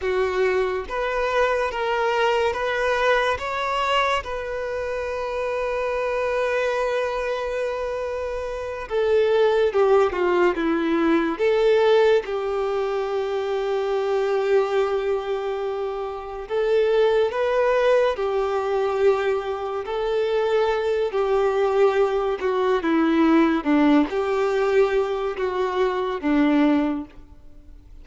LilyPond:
\new Staff \with { instrumentName = "violin" } { \time 4/4 \tempo 4 = 71 fis'4 b'4 ais'4 b'4 | cis''4 b'2.~ | b'2~ b'8 a'4 g'8 | f'8 e'4 a'4 g'4.~ |
g'2.~ g'8 a'8~ | a'8 b'4 g'2 a'8~ | a'4 g'4. fis'8 e'4 | d'8 g'4. fis'4 d'4 | }